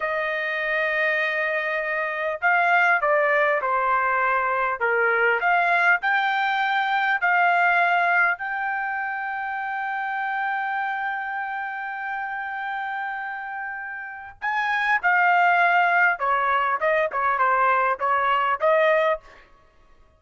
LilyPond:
\new Staff \with { instrumentName = "trumpet" } { \time 4/4 \tempo 4 = 100 dis''1 | f''4 d''4 c''2 | ais'4 f''4 g''2 | f''2 g''2~ |
g''1~ | g''1 | gis''4 f''2 cis''4 | dis''8 cis''8 c''4 cis''4 dis''4 | }